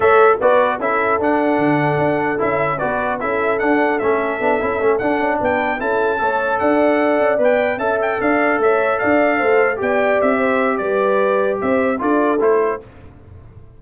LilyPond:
<<
  \new Staff \with { instrumentName = "trumpet" } { \time 4/4 \tempo 4 = 150 e''4 d''4 e''4 fis''4~ | fis''2 e''4 d''4 | e''4 fis''4 e''2~ | e''8 fis''4 g''4 a''4.~ |
a''8 fis''2 g''4 a''8 | g''8 f''4 e''4 f''4.~ | f''8 g''4 e''4. d''4~ | d''4 e''4 d''4 c''4 | }
  \new Staff \with { instrumentName = "horn" } { \time 4/4 cis''4 b'4 a'2~ | a'2. b'4 | a'1~ | a'4. b'4 a'4 cis''8~ |
cis''8 d''2. e''8~ | e''8 d''4 cis''4 d''4 c''8~ | c''8 d''4. c''4 b'4~ | b'4 c''4 a'2 | }
  \new Staff \with { instrumentName = "trombone" } { \time 4/4 a'4 fis'4 e'4 d'4~ | d'2 e'4 fis'4 | e'4 d'4 cis'4 d'8 e'8 | cis'8 d'2 e'4 a'8~ |
a'2~ a'8 b'4 a'8~ | a'1~ | a'8 g'2.~ g'8~ | g'2 f'4 e'4 | }
  \new Staff \with { instrumentName = "tuba" } { \time 4/4 a4 b4 cis'4 d'4 | d4 d'4 cis'4 b4 | cis'4 d'4 a4 b8 cis'8 | a8 d'8 cis'8 b4 cis'4 a8~ |
a8 d'4. cis'8 b4 cis'8~ | cis'8 d'4 a4 d'4 a8~ | a8 b4 c'4. g4~ | g4 c'4 d'4 a4 | }
>>